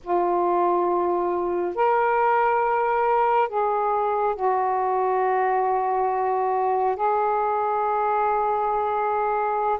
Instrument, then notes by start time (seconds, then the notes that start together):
saxophone
0.03 F4
1.75 A#4
3.49 G#4
4.35 F#4
6.96 G#4